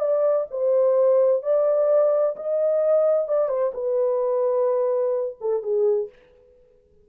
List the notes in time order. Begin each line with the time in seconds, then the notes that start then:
0.00 D5
0.51 C5
1.43 D5
2.37 D#5
3.29 D5
3.49 C5
3.74 B4
5.41 A4
5.63 G#4